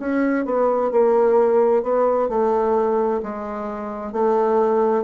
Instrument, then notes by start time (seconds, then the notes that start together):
bassoon
0.00 C#4
0.45 B3
0.91 A#3
1.83 B3
2.29 A3
3.23 G#3
4.13 A3